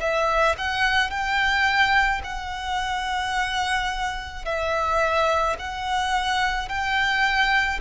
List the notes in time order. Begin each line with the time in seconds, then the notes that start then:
0.00 E5
0.58 F#5
1.10 G5
2.24 F#5
4.45 E5
5.59 F#5
6.68 G5